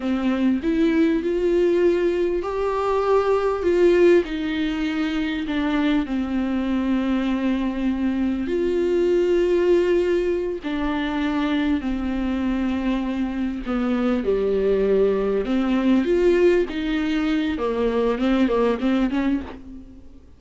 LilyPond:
\new Staff \with { instrumentName = "viola" } { \time 4/4 \tempo 4 = 99 c'4 e'4 f'2 | g'2 f'4 dis'4~ | dis'4 d'4 c'2~ | c'2 f'2~ |
f'4. d'2 c'8~ | c'2~ c'8 b4 g8~ | g4. c'4 f'4 dis'8~ | dis'4 ais4 c'8 ais8 c'8 cis'8 | }